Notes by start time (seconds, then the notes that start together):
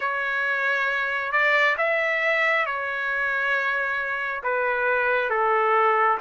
0.00 C#5
1.32 D5
1.77 E5
2.66 C#5
4.43 B4
5.29 A4